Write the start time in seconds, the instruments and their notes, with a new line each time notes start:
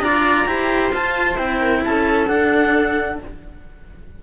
0.00 cello D4 F4, viola D5, clarinet A#5
0.46 cello E4 G4, viola C5
0.92 cello F4, clarinet A5
1.35 cello C4 E4, clarinet G5
1.60 viola A#4
1.84 cello C#4, viola A4, clarinet A5
2.27 cello D4, clarinet F#5